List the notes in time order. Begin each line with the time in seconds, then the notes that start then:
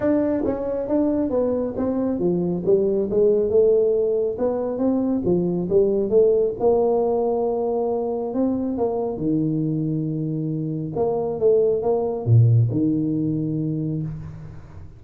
0.00 D4
0.45 C#4
0.88 D4
1.30 B3
1.76 C4
2.19 F3
2.65 G3
3.10 G#3
3.49 A3
4.38 B3
4.78 C4
5.24 F3
5.69 G3
6.09 A3
6.59 A#3
8.34 C4
8.77 A#3
9.17 D#3
10.95 A#3
11.39 A3
11.82 A#3
12.25 A#2
12.71 D#3